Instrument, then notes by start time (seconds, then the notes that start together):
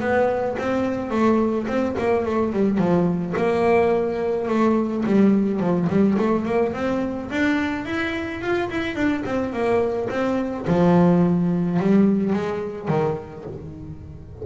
double bass
0.00 B3
0.58 C4
1.10 A3
1.67 C4
1.98 A#3
2.25 A3
2.52 G3
2.78 F3
3.36 A#3
4.48 A3
5.05 G3
5.59 F3
5.89 G3
6.18 A3
6.45 A#3
6.73 C4
7.30 D4
7.85 E4
8.41 F4
8.70 E4
8.95 D4
9.25 C4
9.53 A#3
10.10 C4
10.67 F3
11.79 G3
12.33 G#3
12.88 D#3